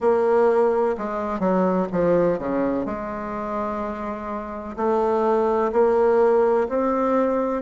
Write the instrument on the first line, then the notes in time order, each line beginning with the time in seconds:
bassoon
0.00 A#3
0.97 G#3
1.39 F#3
1.91 F3
2.38 C#3
2.85 G#3
4.76 A3
5.72 A#3
6.68 C4